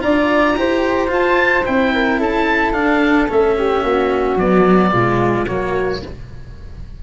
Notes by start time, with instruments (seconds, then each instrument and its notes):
0.00 tuba D4, cello F4, flute D5, oboe A#5
0.57 tuba E4, cello G4, flute C5
1.08 cello F4, tuba F4, oboe A5
1.66 tuba C4, cello E4, oboe G5
1.94 flute A#4
2.19 tuba C#4, flute A4, oboe A5
2.73 tuba D4, cello D4, oboe F5
3.29 tuba A3, cello C#4, oboe E5
3.58 flute G4
3.83 tuba A#3, flute F#4
4.37 cello F#3, tuba B3, oboe D5
4.91 tuba B2, cello G#3, flute F4
5.46 tuba F#3, cello A#3, flute F#4, oboe C#5